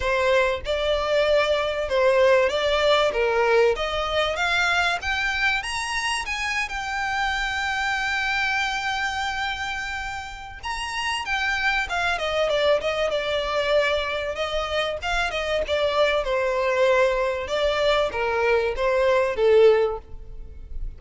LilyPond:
\new Staff \with { instrumentName = "violin" } { \time 4/4 \tempo 4 = 96 c''4 d''2 c''4 | d''4 ais'4 dis''4 f''4 | g''4 ais''4 gis''8. g''4~ g''16~ | g''1~ |
g''4 ais''4 g''4 f''8 dis''8 | d''8 dis''8 d''2 dis''4 | f''8 dis''8 d''4 c''2 | d''4 ais'4 c''4 a'4 | }